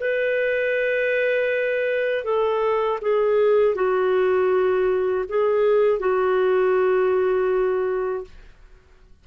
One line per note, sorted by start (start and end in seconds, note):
0.00 2.24 B4
2.24 2.99 A4
3.01 3.75 G#4
3.75 5.25 F#4
5.28 5.99 G#4
5.99 8.24 F#4